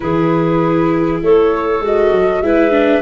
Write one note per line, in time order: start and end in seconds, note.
0.00 1.21 E3
0.00 1.82 E4
0.00 1.23 G#4
0.00 1.20 B4
1.21 1.80 A3
1.21 2.44 A4
1.21 1.84 C#5
1.80 2.10 G#3
1.80 2.43 F#4
1.80 2.42 D#5
2.10 2.41 F#3
2.41 3.01 G#3
2.41 2.71 E4
2.41 3.01 B4
2.41 3.01 E5
2.71 3.01 D4